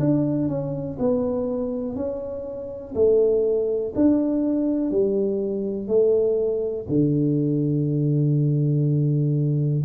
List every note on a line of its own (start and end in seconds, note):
0.00 0.49 D4
0.49 0.98 C#4
0.99 1.96 B3
1.96 2.94 C#4
2.95 3.93 A3
3.95 4.91 D4
4.91 5.88 G3
5.88 6.86 A3
6.89 9.84 D3